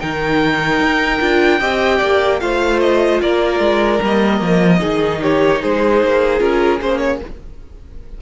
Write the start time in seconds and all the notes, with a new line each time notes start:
0.00 D#3 D#4 A#4 G5
0.80 D#4
1.20 D4 F4
1.60 C4 G4 D#5
1.98 A#3 D5
2.40 A3 F4 C5 F5
2.80 D#5
3.22 A#3 A#4 D5
3.59 G#3
4.02 G3 A#3 D#5
4.41 F3
4.79 D#3 D#4 G#4
5.22 G4 C#5
5.61 G#3 G#4 C5
6.03 A#3
6.39 C#4 F4 A#4
6.80 A#3 C#4 C5
6.98 C#5